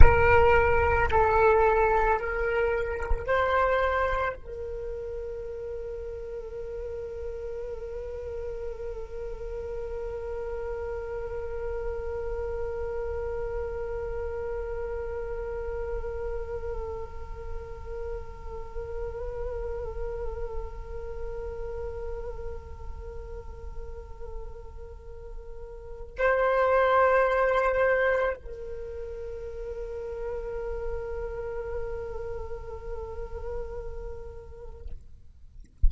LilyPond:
\new Staff \with { instrumentName = "flute" } { \time 4/4 \tempo 4 = 55 ais'4 a'4 ais'4 c''4 | ais'1~ | ais'1~ | ais'1~ |
ais'1~ | ais'1 | c''2 ais'2~ | ais'1 | }